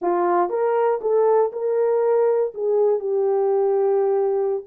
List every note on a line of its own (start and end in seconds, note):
0.01 0.49 F4
0.49 1.00 A#4
1.01 1.51 A4
1.52 2.53 A#4
2.54 2.99 G#4
2.99 4.63 G4